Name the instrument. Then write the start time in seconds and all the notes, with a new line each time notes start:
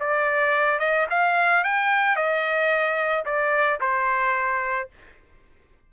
trumpet
0.00 D5
0.79 D#5
1.10 F5
1.64 G5
2.16 D#5
3.25 D5
3.80 C5